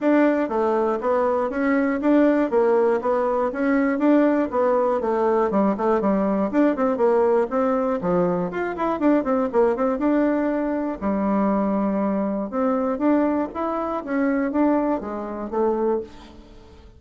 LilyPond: \new Staff \with { instrumentName = "bassoon" } { \time 4/4 \tempo 4 = 120 d'4 a4 b4 cis'4 | d'4 ais4 b4 cis'4 | d'4 b4 a4 g8 a8 | g4 d'8 c'8 ais4 c'4 |
f4 f'8 e'8 d'8 c'8 ais8 c'8 | d'2 g2~ | g4 c'4 d'4 e'4 | cis'4 d'4 gis4 a4 | }